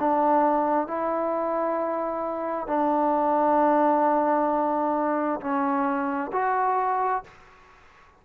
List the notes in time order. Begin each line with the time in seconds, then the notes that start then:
0.00 D4
0.88 E4
2.68 D4
5.41 C#4
6.33 F#4